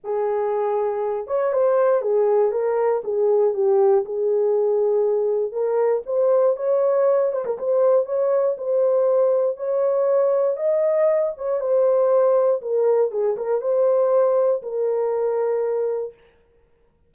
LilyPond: \new Staff \with { instrumentName = "horn" } { \time 4/4 \tempo 4 = 119 gis'2~ gis'8 cis''8 c''4 | gis'4 ais'4 gis'4 g'4 | gis'2. ais'4 | c''4 cis''4. c''16 ais'16 c''4 |
cis''4 c''2 cis''4~ | cis''4 dis''4. cis''8 c''4~ | c''4 ais'4 gis'8 ais'8 c''4~ | c''4 ais'2. | }